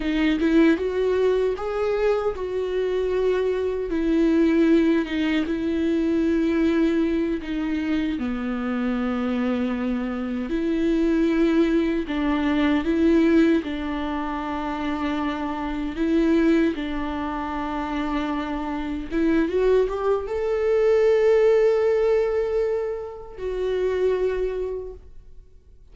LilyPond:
\new Staff \with { instrumentName = "viola" } { \time 4/4 \tempo 4 = 77 dis'8 e'8 fis'4 gis'4 fis'4~ | fis'4 e'4. dis'8 e'4~ | e'4. dis'4 b4.~ | b4. e'2 d'8~ |
d'8 e'4 d'2~ d'8~ | d'8 e'4 d'2~ d'8~ | d'8 e'8 fis'8 g'8 a'2~ | a'2 fis'2 | }